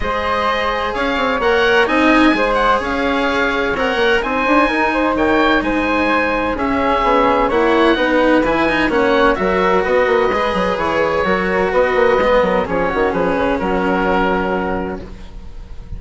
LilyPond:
<<
  \new Staff \with { instrumentName = "oboe" } { \time 4/4 \tempo 4 = 128 dis''2 f''4 fis''4 | gis''4. fis''8 f''2 | fis''4 gis''2 g''4 | gis''2 e''2 |
fis''2 gis''4 fis''4 | e''4 dis''2 cis''4~ | cis''4 dis''2 cis''4 | b'4 ais'2. | }
  \new Staff \with { instrumentName = "flute" } { \time 4/4 c''2 cis''2 | dis''4 c''4 cis''2~ | cis''4 c''4 ais'8 c''8 cis''4 | c''2 gis'2 |
cis''4 b'2 cis''4 | ais'4 b'2. | ais'4 b'4. ais'8 gis'8 fis'8 | gis'4 fis'2. | }
  \new Staff \with { instrumentName = "cello" } { \time 4/4 gis'2. ais'4 | dis'4 gis'2. | ais'4 dis'2.~ | dis'2 cis'2 |
e'4 dis'4 e'8 dis'8 cis'4 | fis'2 gis'2 | fis'2 b4 cis'4~ | cis'1 | }
  \new Staff \with { instrumentName = "bassoon" } { \time 4/4 gis2 cis'8 c'8 ais4 | c'4 gis4 cis'2 | c'8 ais8 c'8 d'8 dis'4 dis4 | gis2 cis'4 b4 |
ais4 b4 e4 ais4 | fis4 b8 ais8 gis8 fis8 e4 | fis4 b8 ais8 gis8 fis8 f8 dis8 | f8 cis8 fis2. | }
>>